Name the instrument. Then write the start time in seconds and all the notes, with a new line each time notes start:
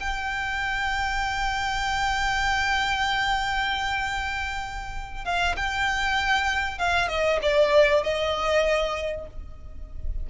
violin
0.00 G5
5.25 F5
5.56 G5
6.78 F5
7.09 D#5
7.42 D5
8.03 D#5